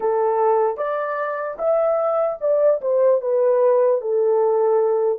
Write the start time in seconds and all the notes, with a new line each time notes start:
0.00 A4
0.77 D5
1.58 E5
2.40 D5
2.81 C5
3.21 B4
4.01 A4